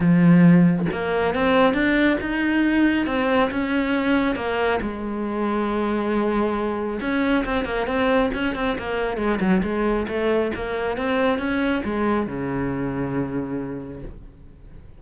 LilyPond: \new Staff \with { instrumentName = "cello" } { \time 4/4 \tempo 4 = 137 f2 ais4 c'4 | d'4 dis'2 c'4 | cis'2 ais4 gis4~ | gis1 |
cis'4 c'8 ais8 c'4 cis'8 c'8 | ais4 gis8 fis8 gis4 a4 | ais4 c'4 cis'4 gis4 | cis1 | }